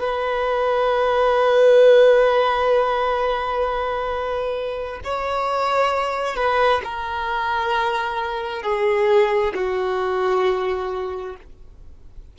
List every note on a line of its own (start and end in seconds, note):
0.00 5.00 B4
5.04 6.36 C#5
6.36 6.81 B4
6.84 8.63 A#4
8.63 9.54 G#4
9.55 11.36 F#4